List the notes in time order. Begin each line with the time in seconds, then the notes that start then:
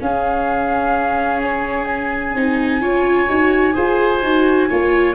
0.00 C#4 G#4 F5
1.43 C#5
1.85 G#5
2.34 C4 D#4
2.81 C#4 F4 C#5
3.29 D#4 F#4
3.74 F4 G#4 C5
4.23 D#4 F#4
4.69 A#3 F4 C#5